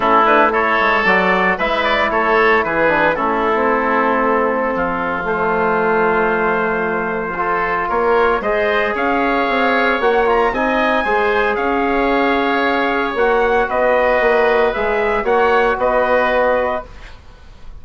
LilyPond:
<<
  \new Staff \with { instrumentName = "trumpet" } { \time 4/4 \tempo 4 = 114 a'8 b'8 cis''4 d''4 e''8 d''8 | cis''4 b'4 a'2~ | a'2 c''2~ | c''2. cis''4 |
dis''4 f''2 fis''8 ais''8 | gis''2 f''2~ | f''4 fis''4 dis''2 | e''4 fis''4 dis''2 | }
  \new Staff \with { instrumentName = "oboe" } { \time 4/4 e'4 a'2 b'4 | a'4 gis'4 e'2~ | e'4 f'2.~ | f'2 a'4 ais'4 |
c''4 cis''2. | dis''4 c''4 cis''2~ | cis''2 b'2~ | b'4 cis''4 b'2 | }
  \new Staff \with { instrumentName = "trombone" } { \time 4/4 cis'8 d'8 e'4 fis'4 e'4~ | e'4. d'8 cis'8. c'4~ c'16~ | c'2 a2~ | a2 f'2 |
gis'2. fis'8 f'8 | dis'4 gis'2.~ | gis'4 fis'2. | gis'4 fis'2. | }
  \new Staff \with { instrumentName = "bassoon" } { \time 4/4 a4. gis8 fis4 gis4 | a4 e4 a2~ | a4 f2.~ | f2. ais4 |
gis4 cis'4 c'4 ais4 | c'4 gis4 cis'2~ | cis'4 ais4 b4 ais4 | gis4 ais4 b2 | }
>>